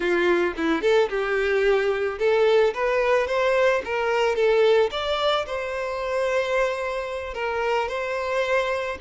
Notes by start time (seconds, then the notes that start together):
0.00 F4
0.57 E4
0.81 A4
1.09 G4
2.18 A4
2.74 B4
3.27 C5
3.84 A#4
4.35 A4
4.91 D5
5.46 C5
7.34 A#4
7.88 C5